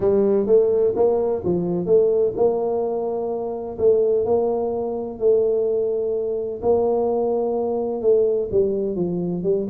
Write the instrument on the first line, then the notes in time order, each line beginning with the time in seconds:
tuba
0.00 G3
0.46 A3
0.95 A#3
1.44 F3
1.86 A3
2.35 A#3
3.78 A3
4.25 A#3
5.19 A3
6.61 A#3
8.01 A3
8.51 G3
8.95 F3
9.43 G3